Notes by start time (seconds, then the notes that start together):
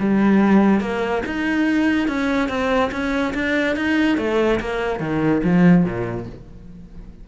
0.00 G3
0.80 A#3
1.26 D#4
2.08 C#4
2.49 C4
2.92 C#4
3.34 D4
3.76 D#4
4.18 A3
4.60 A#3
5.00 D#3
5.44 F3
5.85 A#2